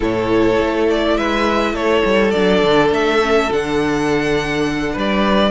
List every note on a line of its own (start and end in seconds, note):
0.00 0.59 A2
0.00 2.33 E4
0.00 1.15 A4
0.00 0.90 C#5
0.59 1.18 A3
0.90 1.17 D5
1.17 1.73 G#3
1.17 1.73 B4
1.17 1.75 E5
1.73 2.02 A3
1.73 4.92 A4
1.73 2.30 C#5
2.05 2.34 G3
2.30 2.62 F#3
2.30 3.20 D4
2.30 2.89 D5
2.62 2.91 D3
2.91 3.49 A3
2.91 3.51 E5
3.21 3.51 C#4
3.51 4.96 D3
3.51 5.50 D4
3.51 4.97 F#5
4.92 5.50 G3
4.92 5.50 B4
4.92 5.50 D5